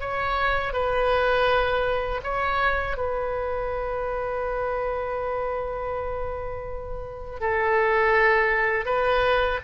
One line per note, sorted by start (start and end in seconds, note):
0.00 0.73 C#5
0.73 2.21 B4
2.23 2.97 C#5
2.97 7.40 B4
7.40 8.85 A4
8.85 9.59 B4